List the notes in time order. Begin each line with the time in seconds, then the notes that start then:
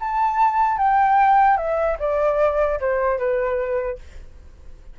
0.00 A5
0.78 G5
1.57 E5
2.00 D5
2.80 C5
3.19 B4